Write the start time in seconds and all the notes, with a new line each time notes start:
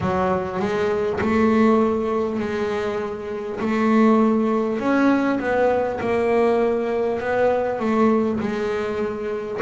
0.00 F#3
0.59 G#3
1.20 A3
2.39 G#3
3.60 A3
4.79 C#4
5.39 B3
6.00 A#3
7.19 B3
7.79 A3
8.39 G#3